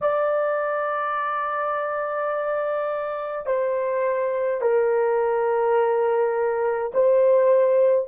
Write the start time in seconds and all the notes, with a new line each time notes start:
0.01 D5
3.46 C5
4.61 A#4
6.93 C5